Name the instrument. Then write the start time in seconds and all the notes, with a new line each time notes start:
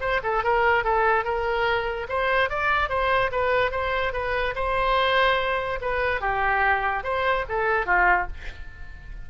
oboe
0.00 C5
0.23 A4
0.44 A#4
0.84 A4
1.24 A#4
2.08 C5
2.49 D5
2.89 C5
3.31 B4
3.71 C5
4.13 B4
4.55 C5
5.81 B4
6.21 G4
7.03 C5
7.49 A4
7.86 F4